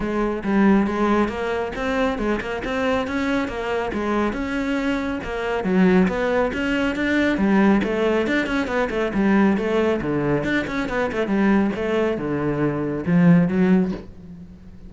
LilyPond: \new Staff \with { instrumentName = "cello" } { \time 4/4 \tempo 4 = 138 gis4 g4 gis4 ais4 | c'4 gis8 ais8 c'4 cis'4 | ais4 gis4 cis'2 | ais4 fis4 b4 cis'4 |
d'4 g4 a4 d'8 cis'8 | b8 a8 g4 a4 d4 | d'8 cis'8 b8 a8 g4 a4 | d2 f4 fis4 | }